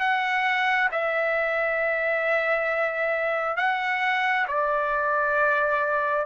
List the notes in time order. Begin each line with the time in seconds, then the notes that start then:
0.00 F#5
0.92 E5
3.57 F#5
4.48 D5